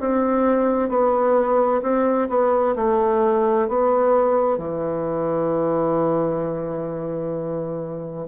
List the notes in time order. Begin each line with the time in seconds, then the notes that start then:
0.00 C4
0.89 B3
1.82 C4
2.29 B3
2.76 A3
3.68 B3
4.57 E3